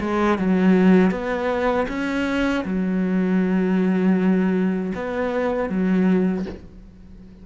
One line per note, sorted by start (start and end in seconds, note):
0.00 0.38 G#3
0.38 1.10 F#3
1.10 1.86 B3
1.88 2.64 C#4
2.64 4.92 F#3
4.94 5.69 B3
5.69 6.45 F#3